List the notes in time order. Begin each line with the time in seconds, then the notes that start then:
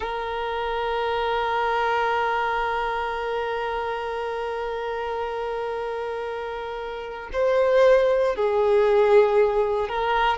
0.00 A#4
7.32 C5
8.35 G#4
9.89 A#4